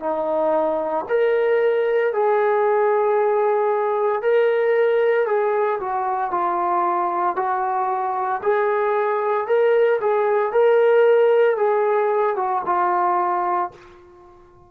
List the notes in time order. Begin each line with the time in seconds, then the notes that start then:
0.00 D#4
1.09 A#4
2.13 G#4
4.22 A#4
5.27 G#4
5.80 F#4
6.31 F4
7.36 F#4
8.43 G#4
9.47 A#4
10.01 G#4
10.53 A#4
11.57 G#4
12.36 F#4
12.66 F4